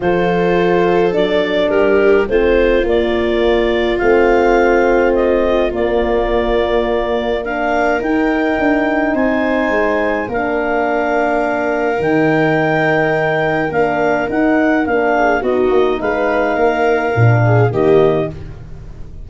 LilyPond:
<<
  \new Staff \with { instrumentName = "clarinet" } { \time 4/4 \tempo 4 = 105 c''2 d''4 ais'4 | c''4 d''2 f''4~ | f''4 dis''4 d''2~ | d''4 f''4 g''2 |
gis''2 f''2~ | f''4 g''2. | f''4 fis''4 f''4 dis''4 | f''2. dis''4 | }
  \new Staff \with { instrumentName = "viola" } { \time 4/4 a'2. g'4 | f'1~ | f'1~ | f'4 ais'2. |
c''2 ais'2~ | ais'1~ | ais'2~ ais'8 gis'8 fis'4 | b'4 ais'4. gis'8 g'4 | }
  \new Staff \with { instrumentName = "horn" } { \time 4/4 f'2 d'2 | c'4 ais2 c'4~ | c'2 ais2~ | ais4 d'4 dis'2~ |
dis'2 d'2~ | d'4 dis'2. | d'4 dis'4 d'4 dis'4~ | dis'2 d'4 ais4 | }
  \new Staff \with { instrumentName = "tuba" } { \time 4/4 f2 fis4 g4 | a4 ais2 a4~ | a2 ais2~ | ais2 dis'4 d'4 |
c'4 gis4 ais2~ | ais4 dis2. | ais4 dis'4 ais4 b8 ais8 | gis4 ais4 ais,4 dis4 | }
>>